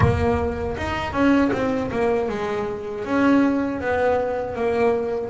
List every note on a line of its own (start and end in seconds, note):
0.00 0.76 A#3
0.76 1.12 D#4
1.12 1.50 C#4
1.52 1.90 C4
1.91 2.28 A#3
2.28 3.04 G#3
3.04 3.80 C#4
3.80 4.55 B3
4.55 5.30 A#3